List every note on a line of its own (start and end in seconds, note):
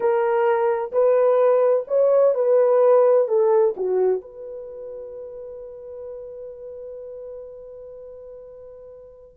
0.00 0.91 A#4
0.92 1.85 B4
1.87 2.34 C#5
2.34 3.27 B4
3.27 3.74 A4
3.76 4.21 F#4
4.21 9.37 B4